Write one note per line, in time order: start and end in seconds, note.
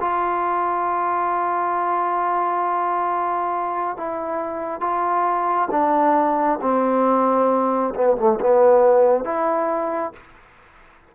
0.00 3.96 F4
3.96 4.80 E4
4.80 5.68 F4
5.70 6.59 D4
6.61 7.94 C4
7.94 8.16 B3
8.17 8.39 A3
8.40 9.24 B3
9.24 10.12 E4